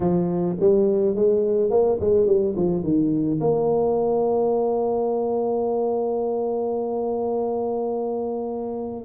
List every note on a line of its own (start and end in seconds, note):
0.00 0.56 F3
0.59 1.15 G3
1.15 1.70 G#3
1.70 1.98 A#3
2.00 2.26 G#3
2.26 2.54 G3
2.55 2.83 F3
2.83 3.39 D#3
3.40 9.05 A#3